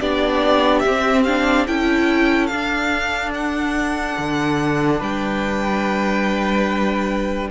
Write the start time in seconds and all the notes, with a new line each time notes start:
0.00 B3 D4 G4 D5
0.80 C4 E5
0.88 C4
1.25 D4 F5
1.67 C#4 E4 A4 G5
2.47 D4 F5
3.35 F#5
4.19 D3
5.00 G3 B4 G5